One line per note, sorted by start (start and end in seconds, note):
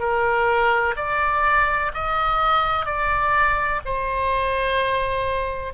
0.00 0.95 A#4
0.97 1.92 D5
1.94 2.86 D#5
2.86 3.81 D5
3.86 5.74 C5